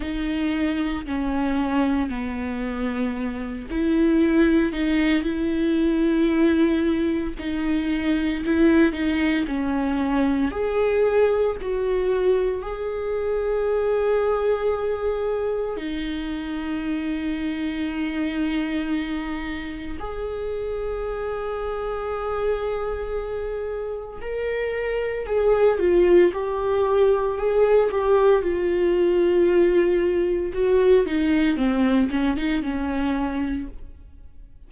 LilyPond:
\new Staff \with { instrumentName = "viola" } { \time 4/4 \tempo 4 = 57 dis'4 cis'4 b4. e'8~ | e'8 dis'8 e'2 dis'4 | e'8 dis'8 cis'4 gis'4 fis'4 | gis'2. dis'4~ |
dis'2. gis'4~ | gis'2. ais'4 | gis'8 f'8 g'4 gis'8 g'8 f'4~ | f'4 fis'8 dis'8 c'8 cis'16 dis'16 cis'4 | }